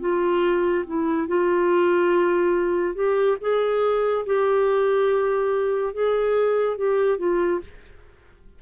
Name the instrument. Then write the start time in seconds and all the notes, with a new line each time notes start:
clarinet
0.00 F4
0.86 E4
1.28 F4
2.95 G4
3.41 G#4
4.26 G4
5.94 G#4
6.77 G4
7.18 F4